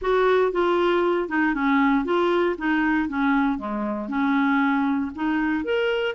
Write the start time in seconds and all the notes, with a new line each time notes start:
0.01 F#4
0.52 F4
1.28 D#4
1.54 C#4
2.04 F4
2.58 D#4
3.08 C#4
3.58 G#3
4.08 C#4
5.15 D#4
5.64 A#4